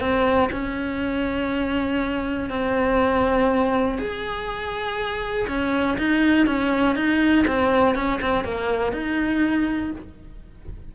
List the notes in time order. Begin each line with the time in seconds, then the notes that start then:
0.00 C4
0.52 C#4
2.50 C4
3.98 G#4
5.47 C#4
5.98 D#4
6.46 C#4
6.95 D#4
7.47 C4
7.95 C#4
8.21 C4
8.44 A#3
8.92 D#4